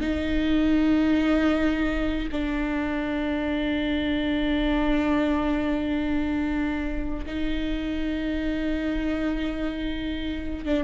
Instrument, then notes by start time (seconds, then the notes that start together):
viola
0.00 D#4
2.31 D4
7.26 D#4
10.65 D4